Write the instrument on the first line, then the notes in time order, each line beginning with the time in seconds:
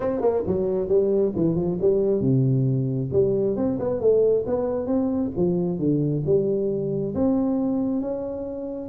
tuba
0.00 C4
0.21 A#3
0.47 F#3
0.88 G3
1.35 E3
1.55 F3
1.81 G3
2.21 C3
3.12 G3
3.56 C4
3.79 B3
4.00 A3
4.46 B3
4.86 C4
5.36 F3
5.78 D3
6.25 G3
7.14 C4
8.01 C#4